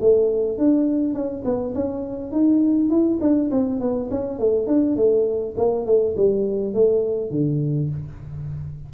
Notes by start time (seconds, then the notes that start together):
0.00 A3
0.58 D4
1.14 C#4
1.44 B3
1.75 C#4
2.32 D#4
2.90 E4
3.21 D4
3.51 C4
3.80 B3
4.11 C#4
4.39 A3
4.67 D4
4.96 A3
5.57 A#3
5.86 A3
6.17 G3
6.74 A3
7.30 D3